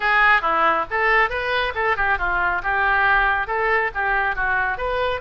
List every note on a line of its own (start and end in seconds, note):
0.00 0.41 G#4
0.41 0.85 E4
0.90 1.29 A4
1.29 1.73 B4
1.75 1.96 A4
1.96 2.18 G4
2.18 2.61 F4
2.63 3.47 G4
3.47 3.90 A4
3.94 4.35 G4
4.35 4.77 F#4
4.77 5.21 B4